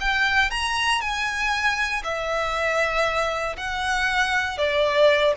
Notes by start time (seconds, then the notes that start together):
0.00 G5
0.50 A#5
1.01 G#5
2.03 E5
3.57 F#5
4.57 D5